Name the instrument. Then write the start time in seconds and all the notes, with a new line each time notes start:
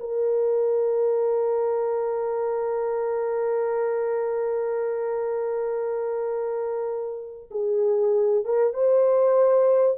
horn
0.00 A#4
7.51 G#4
8.45 A#4
8.74 C5